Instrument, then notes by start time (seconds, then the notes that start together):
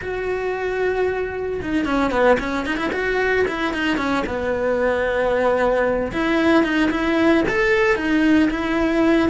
cello
0.01 F#4
1.62 D#4
1.85 C#4
2.11 B3
2.39 C#4
2.66 D#4
2.77 E4
2.92 F#4
3.47 E4
3.73 D#4
3.97 C#4
4.26 B3
6.12 E4
6.63 D#4
6.90 E4
7.48 A4
7.96 D#4
8.50 E4